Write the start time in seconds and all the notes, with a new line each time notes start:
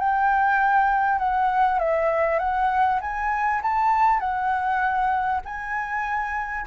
0.00 G5
1.19 F#5
1.79 E5
2.39 F#5
3.01 G#5
3.63 A5
4.20 F#5
5.45 G#5